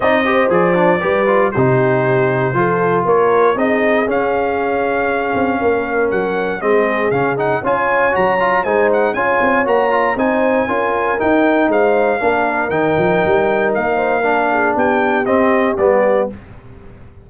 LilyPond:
<<
  \new Staff \with { instrumentName = "trumpet" } { \time 4/4 \tempo 4 = 118 dis''4 d''2 c''4~ | c''2 cis''4 dis''4 | f''1 | fis''4 dis''4 f''8 fis''8 gis''4 |
ais''4 gis''8 fis''8 gis''4 ais''4 | gis''2 g''4 f''4~ | f''4 g''2 f''4~ | f''4 g''4 dis''4 d''4 | }
  \new Staff \with { instrumentName = "horn" } { \time 4/4 d''8 c''4. b'4 g'4~ | g'4 a'4 ais'4 gis'4~ | gis'2. ais'4~ | ais'4 gis'2 cis''4~ |
cis''4 c''4 cis''2 | c''4 ais'2 c''4 | ais'2.~ ais'8 c''8 | ais'8 gis'8 g'2. | }
  \new Staff \with { instrumentName = "trombone" } { \time 4/4 dis'8 g'8 gis'8 d'8 g'8 f'8 dis'4~ | dis'4 f'2 dis'4 | cis'1~ | cis'4 c'4 cis'8 dis'8 f'4 |
fis'8 f'8 dis'4 f'4 fis'8 f'8 | dis'4 f'4 dis'2 | d'4 dis'2. | d'2 c'4 b4 | }
  \new Staff \with { instrumentName = "tuba" } { \time 4/4 c'4 f4 g4 c4~ | c4 f4 ais4 c'4 | cis'2~ cis'8 c'8 ais4 | fis4 gis4 cis4 cis'4 |
fis4 gis4 cis'8 c'8 ais4 | c'4 cis'4 dis'4 gis4 | ais4 dis8 f8 g4 ais4~ | ais4 b4 c'4 g4 | }
>>